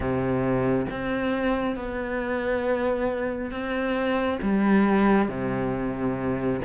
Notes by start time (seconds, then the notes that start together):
0.00 C3
0.90 C4
1.76 B3
3.51 C4
4.42 G3
5.28 C3